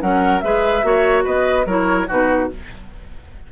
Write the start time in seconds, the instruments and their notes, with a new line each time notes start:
0.00 bassoon F#3, clarinet C#4, oboe A#4, flute F#5
0.40 bassoon G#3, clarinet G#4, oboe B4, flute E5
0.82 bassoon A#3, clarinet F#4, oboe C#5
1.24 bassoon B3, oboe B4, flute D#5
1.66 bassoon F#3, clarinet E4, oboe A#4, flute C#5
2.07 bassoon B2, clarinet D#4, oboe F#4, flute B4